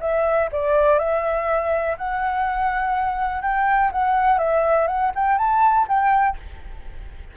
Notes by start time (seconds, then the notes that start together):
0.00 E5
0.52 D5
0.98 E5
1.97 F#5
3.41 G5
3.92 F#5
4.38 E5
4.87 F#5
5.15 G5
5.38 A5
5.88 G5